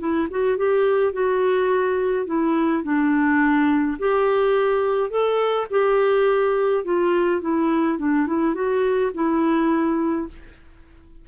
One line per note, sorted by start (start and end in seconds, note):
0.00 0.29 E4
0.31 0.57 F#4
0.57 1.13 G4
1.13 2.26 F#4
2.26 2.84 E4
2.84 3.98 D4
3.99 5.10 G4
5.10 5.67 A4
5.71 6.85 G4
6.85 7.42 F4
7.42 7.99 E4
7.99 8.27 D4
8.27 8.55 E4
8.55 9.12 F#4
9.14 10.29 E4